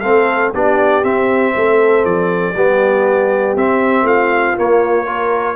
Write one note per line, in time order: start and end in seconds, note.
0.00 0.52 A3
0.00 0.54 C4
0.00 0.53 A4
0.00 0.50 F5
0.53 1.03 B3
0.53 1.03 D4
0.53 1.54 G4
0.53 1.04 D5
1.03 2.55 C4
1.03 1.54 C4
1.03 2.05 E5
1.55 2.05 A3
1.55 2.55 A4
2.05 2.55 F3
2.05 3.56 D5
2.55 3.56 G3
2.55 3.58 B3
2.55 4.04 G4
3.56 4.03 C4
3.56 4.58 C4
3.56 4.07 E5
4.03 4.53 A3
4.03 5.05 F4
4.03 4.57 F5
4.58 5.06 A#3
4.58 5.56 A#3
4.58 5.56 C#5
5.06 5.56 F4
5.06 5.56 A#4